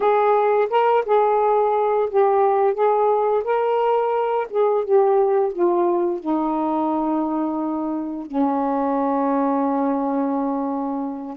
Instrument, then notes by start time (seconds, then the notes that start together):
saxophone
0.00 G#4
0.70 A#4
1.05 G#4
2.09 G4
2.74 G#4
3.44 A#4
4.50 G#4
4.84 G4
5.52 F4
6.19 D#4
8.26 C#4